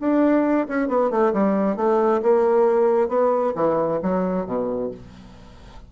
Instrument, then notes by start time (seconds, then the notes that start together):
bassoon
0.00 D4
0.67 C#4
0.88 B3
1.10 A3
1.33 G3
1.76 A3
2.22 A#3
3.08 B3
3.55 E3
4.02 F#3
4.46 B2